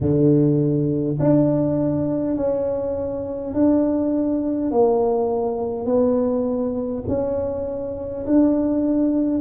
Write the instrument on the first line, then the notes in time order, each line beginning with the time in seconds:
tuba
0.00 D3
1.19 D4
2.36 C#4
3.53 D4
4.71 A#3
5.85 B3
7.07 C#4
8.26 D4